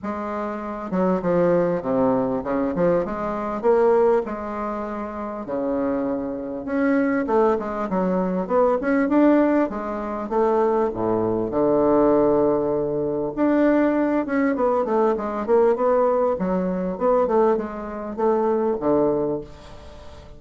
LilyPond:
\new Staff \with { instrumentName = "bassoon" } { \time 4/4 \tempo 4 = 99 gis4. fis8 f4 c4 | cis8 f8 gis4 ais4 gis4~ | gis4 cis2 cis'4 | a8 gis8 fis4 b8 cis'8 d'4 |
gis4 a4 a,4 d4~ | d2 d'4. cis'8 | b8 a8 gis8 ais8 b4 fis4 | b8 a8 gis4 a4 d4 | }